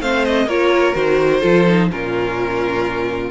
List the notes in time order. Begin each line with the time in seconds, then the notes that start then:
0.00 A3 C4 C5 F5
0.25 D#5
0.46 A#3 F4 A#4 C#5
0.94 D#3 F#4 C5
1.40 F3 F4 A4
1.67 D#4
1.90 A#2 C#4 F4 A#4